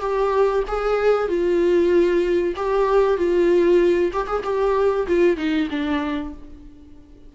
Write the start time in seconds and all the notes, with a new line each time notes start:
0.00 G4
0.68 G#4
1.28 F4
2.56 G4
3.17 F4
4.13 G4
4.27 G#4
4.44 G4
5.07 F4
5.37 D#4
5.70 D4